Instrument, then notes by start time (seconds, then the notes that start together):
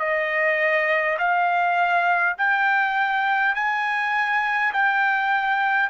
trumpet
0.00 D#5
1.19 F5
2.38 G5
3.55 G#5
4.73 G5